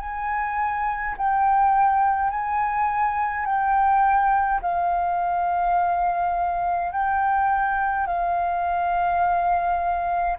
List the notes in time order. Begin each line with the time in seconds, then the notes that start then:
0.00 G#5
1.17 G5
2.30 G#5
3.46 G5
4.62 F5
6.93 G5
8.07 F5